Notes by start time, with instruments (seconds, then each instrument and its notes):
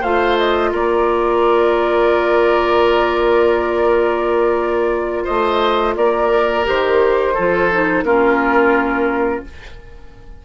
0.00 bassoon A3, clarinet F4, oboe C5, flute F5
0.38 flute D#5
0.72 bassoon A#3, oboe A#4, flute D5
5.24 bassoon A3, oboe C5, flute D#5
5.95 bassoon A#3, oboe A#4, flute D5
6.64 bassoon D#3, clarinet G4, flute C5
7.34 bassoon F3, clarinet F4, oboe A4
7.72 clarinet D#4
8.02 bassoon A#3, clarinet C#4, oboe F4, flute A#4